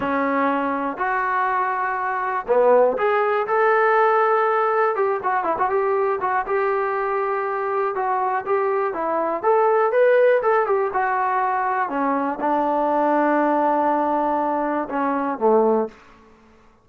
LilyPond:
\new Staff \with { instrumentName = "trombone" } { \time 4/4 \tempo 4 = 121 cis'2 fis'2~ | fis'4 b4 gis'4 a'4~ | a'2 g'8 fis'8 e'16 fis'16 g'8~ | g'8 fis'8 g'2. |
fis'4 g'4 e'4 a'4 | b'4 a'8 g'8 fis'2 | cis'4 d'2.~ | d'2 cis'4 a4 | }